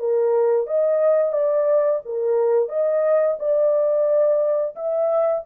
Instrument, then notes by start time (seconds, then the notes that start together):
horn
0.00 A#4
0.67 D#5
1.33 D5
2.05 A#4
2.69 D#5
3.39 D5
4.76 E5